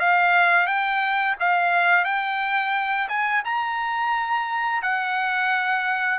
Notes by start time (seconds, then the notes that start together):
0.00 F5
0.67 G5
1.40 F5
2.05 G5
3.09 G#5
3.45 A#5
4.82 F#5